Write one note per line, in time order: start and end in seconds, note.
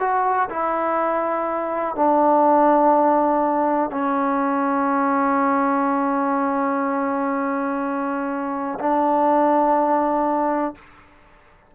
0.00 0.49 F#4
0.50 1.96 E4
1.96 3.91 D4
3.91 8.79 C#4
8.80 10.75 D4